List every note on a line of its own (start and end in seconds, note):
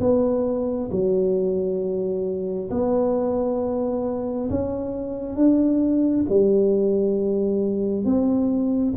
0.00 0.90 B3
0.91 2.70 F#3
2.71 4.50 B3
4.50 5.36 C#4
5.36 6.26 D4
6.29 8.05 G3
8.05 8.94 C4